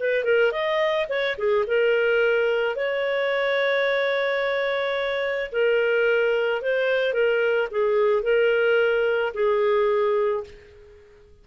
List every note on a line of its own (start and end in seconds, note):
0.00 0.24 B4
0.24 0.52 A#4
0.52 1.07 D#5
1.09 1.37 C#5
1.38 1.65 G#4
1.67 2.76 A#4
2.76 5.51 C#5
5.52 6.62 A#4
6.62 7.13 C5
7.13 7.68 A#4
7.71 8.23 G#4
8.23 9.33 A#4
9.34 10.44 G#4